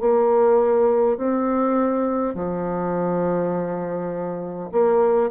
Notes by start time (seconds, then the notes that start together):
0.00 A#3
1.17 C4
2.34 F3
4.72 A#3